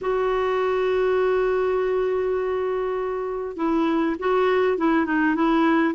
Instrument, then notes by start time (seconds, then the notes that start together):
clarinet
0.01 F#4
3.56 E4
4.19 F#4
4.77 E4
5.05 D#4
5.35 E4